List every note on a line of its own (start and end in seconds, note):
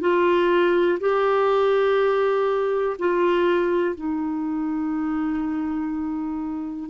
0.00 0.98 F4
1.00 2.96 G4
2.98 3.95 F4
3.95 6.89 D#4